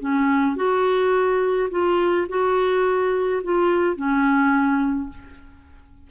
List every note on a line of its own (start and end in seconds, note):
0.00 0.56 C#4
0.56 1.70 F#4
1.71 2.27 F4
2.29 3.42 F#4
3.44 3.96 F4
3.96 5.10 C#4